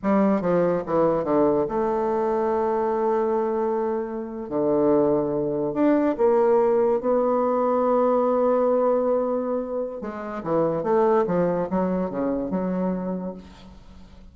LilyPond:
\new Staff \with { instrumentName = "bassoon" } { \time 4/4 \tempo 4 = 144 g4 f4 e4 d4 | a1~ | a2~ a8. d4~ d16~ | d4.~ d16 d'4 ais4~ ais16~ |
ais8. b2.~ b16~ | b1 | gis4 e4 a4 f4 | fis4 cis4 fis2 | }